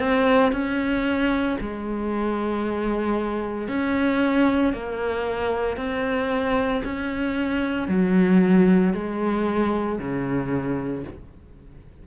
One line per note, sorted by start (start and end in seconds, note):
0.00 0.53 C4
0.53 1.58 C#4
1.61 3.68 G#3
3.68 4.74 C#4
4.74 5.78 A#3
5.78 6.83 C4
6.85 7.89 C#4
7.89 8.94 F#3
8.94 9.99 G#3
9.99 11.04 C#3